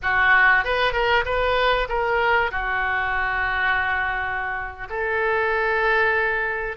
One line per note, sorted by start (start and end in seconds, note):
0.02 0.64 F#4
0.64 0.92 B4
0.92 1.24 A#4
1.25 1.88 B4
1.88 2.51 A#4
2.51 4.88 F#4
4.89 6.77 A4